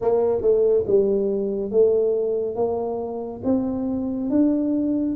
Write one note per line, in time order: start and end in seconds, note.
0.01 0.41 A#3
0.41 0.84 A3
0.86 1.71 G3
1.71 2.55 A3
2.55 3.41 A#3
3.44 4.29 C4
4.30 5.15 D4